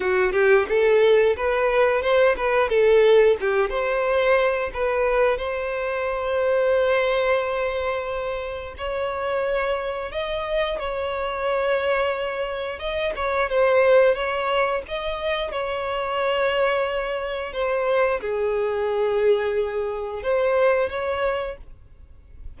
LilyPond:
\new Staff \with { instrumentName = "violin" } { \time 4/4 \tempo 4 = 89 fis'8 g'8 a'4 b'4 c''8 b'8 | a'4 g'8 c''4. b'4 | c''1~ | c''4 cis''2 dis''4 |
cis''2. dis''8 cis''8 | c''4 cis''4 dis''4 cis''4~ | cis''2 c''4 gis'4~ | gis'2 c''4 cis''4 | }